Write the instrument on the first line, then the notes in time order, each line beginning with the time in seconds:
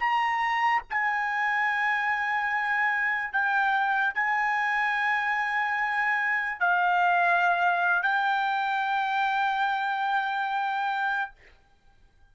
trumpet
0.00 A#5
0.90 G#5
3.33 G5
4.15 G#5
6.60 F5
8.02 G5